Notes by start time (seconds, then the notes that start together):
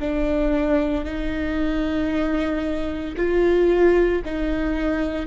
0.00 D4
1.05 D#4
3.17 F4
4.25 D#4